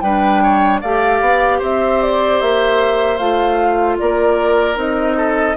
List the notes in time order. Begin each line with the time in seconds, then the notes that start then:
0.00 G3 D4 B4 G5
0.43 C#5
0.81 A3 G4 D5 F5
1.21 B3
1.58 C4 C5 E5
2.02 D5
2.40 A#3 E5
3.17 A3 F4 F5
3.98 A#3 A#4 D5
4.75 C4 D#4 D#5
5.17 A4